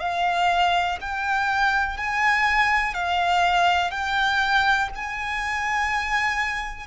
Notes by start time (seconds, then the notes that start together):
0.00 F5
1.01 G5
1.97 G#5
2.94 F5
3.91 G5
4.95 G#5